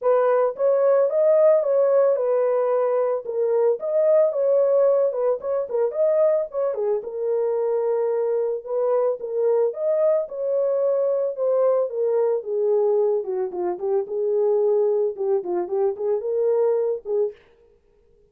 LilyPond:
\new Staff \with { instrumentName = "horn" } { \time 4/4 \tempo 4 = 111 b'4 cis''4 dis''4 cis''4 | b'2 ais'4 dis''4 | cis''4. b'8 cis''8 ais'8 dis''4 | cis''8 gis'8 ais'2. |
b'4 ais'4 dis''4 cis''4~ | cis''4 c''4 ais'4 gis'4~ | gis'8 fis'8 f'8 g'8 gis'2 | g'8 f'8 g'8 gis'8 ais'4. gis'8 | }